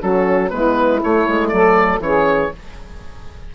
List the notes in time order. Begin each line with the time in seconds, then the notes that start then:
0.00 F#3 C#4 F#4 A4
0.50 G#3 B3 E4 B4
1.03 A3 C#5
1.28 G#3
1.48 F#3 A4 D5
1.99 E3 C#4 G#4 C#5